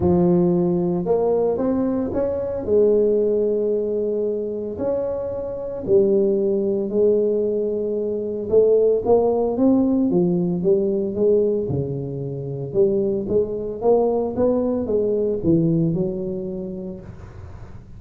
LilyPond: \new Staff \with { instrumentName = "tuba" } { \time 4/4 \tempo 4 = 113 f2 ais4 c'4 | cis'4 gis2.~ | gis4 cis'2 g4~ | g4 gis2. |
a4 ais4 c'4 f4 | g4 gis4 cis2 | g4 gis4 ais4 b4 | gis4 e4 fis2 | }